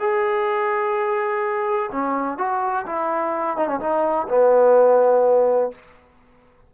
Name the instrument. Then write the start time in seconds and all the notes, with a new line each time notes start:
trombone
0.00 G#4
1.92 C#4
2.38 F#4
2.86 E4
3.57 D#4
3.68 C#4
3.80 D#4
4.29 B3